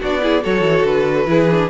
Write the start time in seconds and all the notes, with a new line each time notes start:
0.00 B3 D4 F#4 D5
0.22 E4 G#4
0.42 F#3 F#4 A4 C#5
0.61 E3
0.84 D3 B4
1.26 E3 E4 G#4
1.51 D4